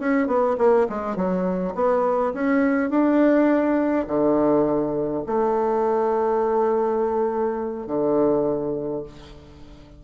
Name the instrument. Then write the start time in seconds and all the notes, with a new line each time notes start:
bassoon
0.00 C#4
0.28 B3
0.58 A#3
0.89 G#3
1.16 F#3
1.75 B3
2.34 C#4
2.90 D4
4.08 D3
5.27 A3
7.87 D3